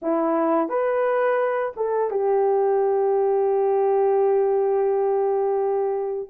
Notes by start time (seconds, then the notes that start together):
0.02 E4
0.68 B4
1.76 A4
2.10 G4